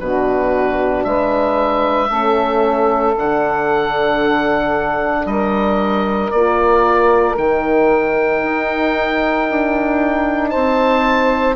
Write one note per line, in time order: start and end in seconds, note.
0.00 1.05 B2
0.00 2.11 D4
0.00 1.07 F#4
0.00 1.04 B4
1.04 2.10 G#3
1.04 2.09 B4
1.04 3.15 E5
2.09 3.15 A3
2.09 3.16 C#4
2.09 5.25 A4
3.17 5.25 D3
3.17 6.36 D4
3.17 5.27 F#5
5.25 6.31 G3
5.25 10.51 A#4
5.25 6.31 D#5
6.31 7.38 A#3
6.31 7.37 F4
6.31 7.36 D5
7.37 8.43 D#3
7.37 11.57 D#4
7.37 10.50 G5
8.43 9.48 D#4
9.50 10.55 D4
10.50 11.57 C4
10.50 11.56 C5
10.50 11.55 A5